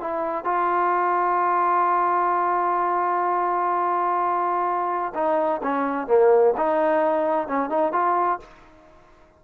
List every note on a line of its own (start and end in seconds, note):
0.00 0.44 E4
0.44 5.13 F4
5.14 5.61 D#4
5.62 6.07 C#4
6.07 6.54 A#3
6.57 7.47 D#4
7.47 7.69 C#4
7.69 7.92 D#4
7.92 8.39 F4